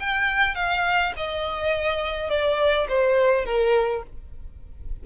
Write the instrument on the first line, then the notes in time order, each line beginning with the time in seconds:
violin
0.00 G5
0.55 F5
1.17 D#5
2.30 D5
2.88 C5
3.46 A#4